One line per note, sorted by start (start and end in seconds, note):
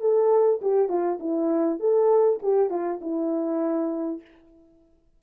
0.00 0.60 A4
0.61 0.88 G4
0.88 1.18 F4
1.19 1.79 E4
1.79 2.39 A4
2.42 2.69 G4
2.69 2.99 F4
3.01 4.21 E4